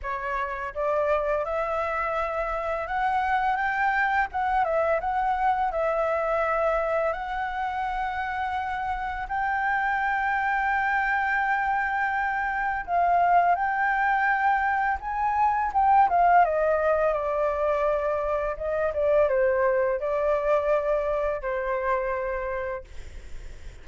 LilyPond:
\new Staff \with { instrumentName = "flute" } { \time 4/4 \tempo 4 = 84 cis''4 d''4 e''2 | fis''4 g''4 fis''8 e''8 fis''4 | e''2 fis''2~ | fis''4 g''2.~ |
g''2 f''4 g''4~ | g''4 gis''4 g''8 f''8 dis''4 | d''2 dis''8 d''8 c''4 | d''2 c''2 | }